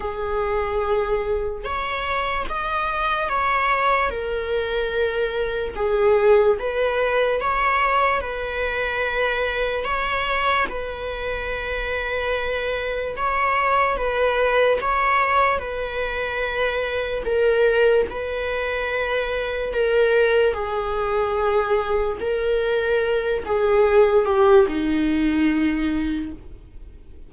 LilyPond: \new Staff \with { instrumentName = "viola" } { \time 4/4 \tempo 4 = 73 gis'2 cis''4 dis''4 | cis''4 ais'2 gis'4 | b'4 cis''4 b'2 | cis''4 b'2. |
cis''4 b'4 cis''4 b'4~ | b'4 ais'4 b'2 | ais'4 gis'2 ais'4~ | ais'8 gis'4 g'8 dis'2 | }